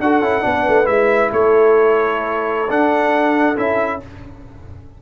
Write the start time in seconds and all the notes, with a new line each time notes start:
0.00 D4 F#4 A4 F#5
0.21 C#4 E4
0.41 B3 D4
0.47 B4
0.68 A3
0.84 G#3 E4 E5
1.32 A3 A4 C#5
2.70 D4 F#5
3.56 C#4 E4 E5